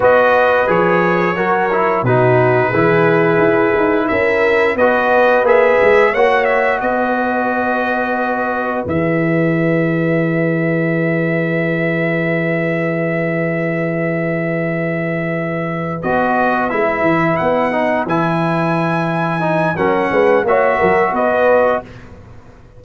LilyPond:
<<
  \new Staff \with { instrumentName = "trumpet" } { \time 4/4 \tempo 4 = 88 dis''4 cis''2 b'4~ | b'2 e''4 dis''4 | e''4 fis''8 e''8 dis''2~ | dis''4 e''2.~ |
e''1~ | e''2.~ e''8 dis''8~ | dis''8 e''4 fis''4 gis''4.~ | gis''4 fis''4 e''4 dis''4 | }
  \new Staff \with { instrumentName = "horn" } { \time 4/4 b'2 ais'4 fis'4 | gis'2 ais'4 b'4~ | b'4 cis''4 b'2~ | b'1~ |
b'1~ | b'1~ | b'1~ | b'4 ais'8 b'8 cis''8 ais'8 b'4 | }
  \new Staff \with { instrumentName = "trombone" } { \time 4/4 fis'4 gis'4 fis'8 e'8 dis'4 | e'2. fis'4 | gis'4 fis'2.~ | fis'4 gis'2.~ |
gis'1~ | gis'2.~ gis'8 fis'8~ | fis'8 e'4. dis'8 e'4.~ | e'8 dis'8 cis'4 fis'2 | }
  \new Staff \with { instrumentName = "tuba" } { \time 4/4 b4 f4 fis4 b,4 | e4 e'8 dis'8 cis'4 b4 | ais8 gis8 ais4 b2~ | b4 e2.~ |
e1~ | e2.~ e8 b8~ | b8 gis8 e8 b4 e4.~ | e4 fis8 gis8 ais8 fis8 b4 | }
>>